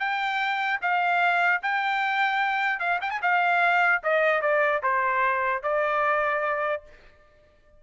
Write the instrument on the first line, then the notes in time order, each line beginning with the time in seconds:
trumpet
0.00 G5
0.82 F5
1.63 G5
2.80 F5
3.02 G5
3.11 G#5
3.22 F5
4.04 D#5
4.42 D5
4.83 C5
5.63 D5